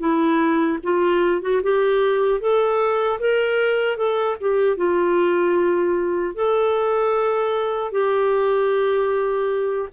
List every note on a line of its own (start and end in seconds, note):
0.00 0.79 E4
0.84 1.42 F4
1.42 1.62 F#4
1.63 2.41 G4
2.41 3.20 A4
3.20 3.97 A#4
3.97 4.37 A4
4.41 4.77 G4
4.77 6.35 F4
6.36 7.92 A4
7.92 9.89 G4